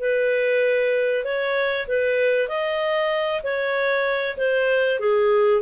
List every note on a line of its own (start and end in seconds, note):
0.00 1.24 B4
1.24 1.87 C#5
1.88 2.48 B4
2.48 3.42 D#5
3.43 4.37 C#5
4.37 5.00 C5
5.00 5.62 G#4